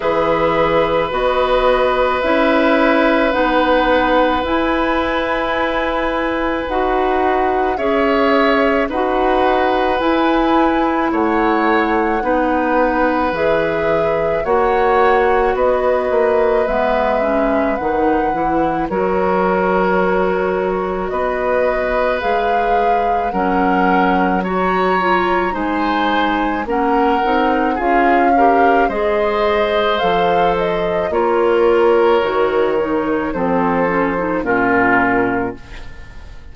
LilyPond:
<<
  \new Staff \with { instrumentName = "flute" } { \time 4/4 \tempo 4 = 54 e''4 dis''4 e''4 fis''4 | gis''2 fis''4 e''4 | fis''4 gis''4 fis''2 | e''4 fis''4 dis''4 e''4 |
fis''4 cis''2 dis''4 | f''4 fis''4 ais''4 gis''4 | fis''4 f''4 dis''4 f''8 dis''8 | cis''2 c''4 ais'4 | }
  \new Staff \with { instrumentName = "oboe" } { \time 4/4 b'1~ | b'2. cis''4 | b'2 cis''4 b'4~ | b'4 cis''4 b'2~ |
b'4 ais'2 b'4~ | b'4 ais'4 cis''4 c''4 | ais'4 gis'8 ais'8 c''2 | ais'2 a'4 f'4 | }
  \new Staff \with { instrumentName = "clarinet" } { \time 4/4 gis'4 fis'4 e'4 dis'4 | e'2 fis'4 gis'4 | fis'4 e'2 dis'4 | gis'4 fis'2 b8 cis'8 |
dis'8 e'8 fis'2. | gis'4 cis'4 fis'8 f'8 dis'4 | cis'8 dis'8 f'8 g'8 gis'4 a'4 | f'4 fis'8 dis'8 c'8 cis'16 dis'16 cis'4 | }
  \new Staff \with { instrumentName = "bassoon" } { \time 4/4 e4 b4 cis'4 b4 | e'2 dis'4 cis'4 | dis'4 e'4 a4 b4 | e4 ais4 b8 ais8 gis4 |
dis8 e8 fis2 b4 | gis4 fis2 gis4 | ais8 c'8 cis'4 gis4 f4 | ais4 dis4 f4 ais,4 | }
>>